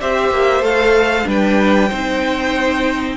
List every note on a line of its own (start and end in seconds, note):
0.00 0.30 C4
0.00 0.62 G4
0.00 1.27 C5
0.00 0.64 E5
0.30 0.60 A#3
0.60 1.24 A3
0.60 1.24 A4
0.60 1.28 F5
1.24 1.90 G3
1.24 1.88 D4
1.24 1.89 B4
1.31 3.17 G5
1.89 3.17 C4
1.89 3.17 D#4
1.89 3.16 C5